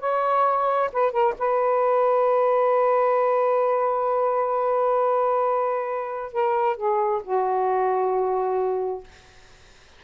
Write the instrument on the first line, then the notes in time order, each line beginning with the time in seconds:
saxophone
0.00 C#5
0.93 B4
1.12 A#4
1.39 B4
6.33 A#4
6.77 G#4
7.24 F#4